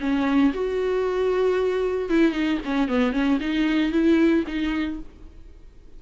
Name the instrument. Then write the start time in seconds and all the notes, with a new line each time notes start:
viola
0.00 C#4
0.54 F#4
2.09 E4
2.32 D#4
2.65 C#4
2.88 B3
3.12 C#4
3.40 D#4
3.92 E4
4.47 D#4